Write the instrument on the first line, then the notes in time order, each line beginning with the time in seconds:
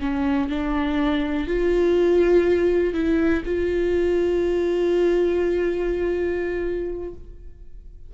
viola
0.00 C#4
0.49 D4
1.47 F4
2.93 E4
3.45 F4